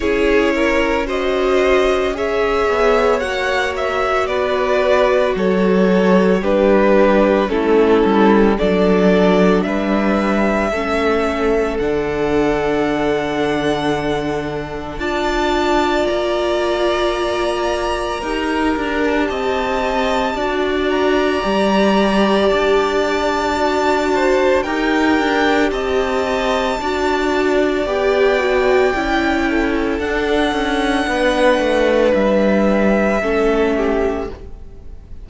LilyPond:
<<
  \new Staff \with { instrumentName = "violin" } { \time 4/4 \tempo 4 = 56 cis''4 dis''4 e''4 fis''8 e''8 | d''4 cis''4 b'4 a'4 | d''4 e''2 fis''4~ | fis''2 a''4 ais''4~ |
ais''4.~ ais''16 a''4.~ a''16 ais''8~ | ais''4 a''2 g''4 | a''2 g''2 | fis''2 e''2 | }
  \new Staff \with { instrumentName = "violin" } { \time 4/4 gis'8 ais'8 c''4 cis''2 | b'4 a'4 g'4 e'4 | a'4 b'4 a'2~ | a'2 d''2~ |
d''4 ais'4 dis''4 d''4~ | d''2~ d''8 c''8 ais'4 | dis''4 d''2~ d''8 a'8~ | a'4 b'2 a'8 g'8 | }
  \new Staff \with { instrumentName = "viola" } { \time 4/4 e'4 fis'4 gis'4 fis'4~ | fis'2 d'4 cis'4 | d'2 cis'4 d'4~ | d'2 f'2~ |
f'4 g'2 fis'4 | g'2 fis'4 g'4~ | g'4 fis'4 g'8 fis'8 e'4 | d'2. cis'4 | }
  \new Staff \with { instrumentName = "cello" } { \time 4/4 cis'2~ cis'8 b8 ais4 | b4 fis4 g4 a8 g8 | fis4 g4 a4 d4~ | d2 d'4 ais4~ |
ais4 dis'8 d'8 c'4 d'4 | g4 d'2 dis'8 d'8 | c'4 d'4 b4 cis'4 | d'8 cis'8 b8 a8 g4 a4 | }
>>